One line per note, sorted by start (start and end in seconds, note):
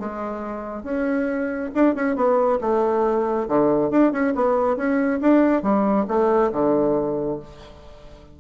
0.00 0.84 G#3
0.84 1.71 C#4
1.75 1.95 D4
1.95 2.16 C#4
2.16 2.59 B3
2.61 3.48 A3
3.49 3.91 D3
3.91 4.13 D4
4.13 4.34 C#4
4.36 4.77 B3
4.77 5.20 C#4
5.22 5.63 D4
5.63 6.07 G3
6.08 6.52 A3
6.53 7.40 D3